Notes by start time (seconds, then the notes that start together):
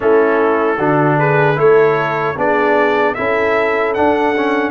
0.00 A3 C#4 E4 A4
0.77 D3 D4 F#4
1.18 G#4 B4
1.55 A3 E4 A4 C#5
2.36 B3 D4 G#4 D5
3.14 C#4 E4 A4 E5
3.94 D4 F#5
4.36 C#4